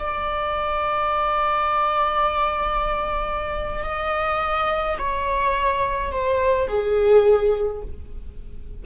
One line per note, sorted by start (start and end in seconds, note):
0.00 3.84 D5
3.84 4.98 D#5
4.99 6.12 C#5
6.12 6.68 C5
6.68 7.83 G#4